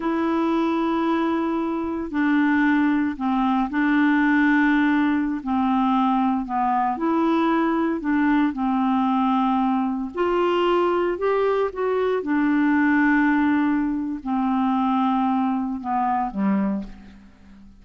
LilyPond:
\new Staff \with { instrumentName = "clarinet" } { \time 4/4 \tempo 4 = 114 e'1 | d'2 c'4 d'4~ | d'2~ d'16 c'4.~ c'16~ | c'16 b4 e'2 d'8.~ |
d'16 c'2. f'8.~ | f'4~ f'16 g'4 fis'4 d'8.~ | d'2. c'4~ | c'2 b4 g4 | }